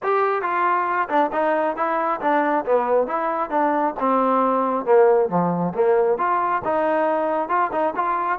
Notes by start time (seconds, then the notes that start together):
0.02 G4
0.42 F4
1.08 D4
1.32 D#4
1.76 E4
2.20 D4
2.65 B3
3.07 E4
3.50 D4
3.99 C4
4.85 A#3
5.29 F3
5.75 A#3
6.18 F4
6.64 D#4
7.48 F4
7.71 D#4
7.95 F4